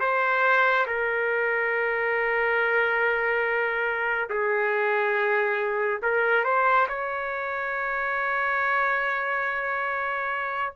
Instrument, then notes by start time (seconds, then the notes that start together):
trumpet
0.00 C5
0.86 A#4
4.29 G#4
6.02 A#4
6.44 C5
6.88 C#5